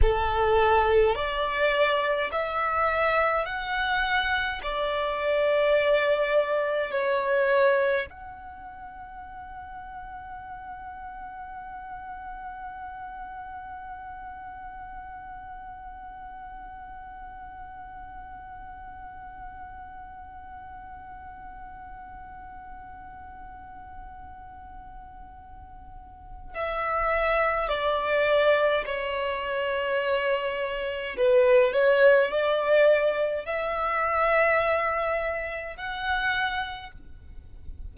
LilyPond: \new Staff \with { instrumentName = "violin" } { \time 4/4 \tempo 4 = 52 a'4 d''4 e''4 fis''4 | d''2 cis''4 fis''4~ | fis''1~ | fis''1~ |
fis''1~ | fis''2. e''4 | d''4 cis''2 b'8 cis''8 | d''4 e''2 fis''4 | }